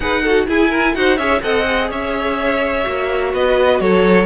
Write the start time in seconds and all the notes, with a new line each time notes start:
0.00 D#4 G#4 B4 F#5
0.22 F#4 A4
0.47 E4 G#4 G#5
0.70 A#4
0.94 D#4 F#4 C5 F#5
1.17 C#4 G#4 C#5 E5
1.42 C4 A4 D#5 F#5
1.66 G#4
1.90 C#4 C#5 E5
2.83 A#3 F#4
3.33 B3 B4 D#5
3.80 F#3 A4 C#5